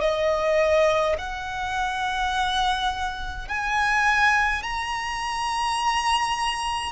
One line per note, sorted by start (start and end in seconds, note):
0.00 1.15 D#5
1.18 3.48 F#5
3.48 4.63 G#5
4.63 6.92 A#5